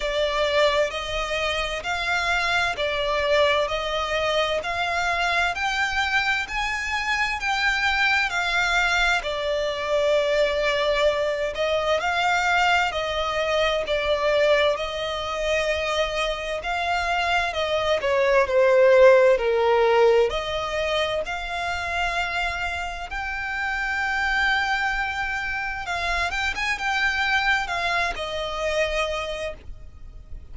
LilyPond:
\new Staff \with { instrumentName = "violin" } { \time 4/4 \tempo 4 = 65 d''4 dis''4 f''4 d''4 | dis''4 f''4 g''4 gis''4 | g''4 f''4 d''2~ | d''8 dis''8 f''4 dis''4 d''4 |
dis''2 f''4 dis''8 cis''8 | c''4 ais'4 dis''4 f''4~ | f''4 g''2. | f''8 g''16 gis''16 g''4 f''8 dis''4. | }